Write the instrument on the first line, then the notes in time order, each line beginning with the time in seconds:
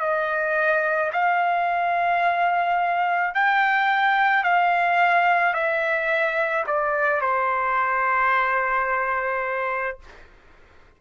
trumpet
0.00 D#5
1.12 F5
3.34 G5
4.43 F5
5.54 E5
6.67 D5
7.21 C5